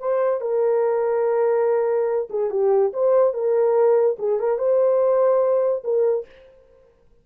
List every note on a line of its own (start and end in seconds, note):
0.00 0.41 C5
0.41 2.29 A#4
2.30 2.51 G#4
2.51 2.93 G4
2.93 3.34 C5
3.34 4.17 A#4
4.19 4.40 G#4
4.40 4.59 A#4
4.59 5.84 C5
5.84 6.26 A#4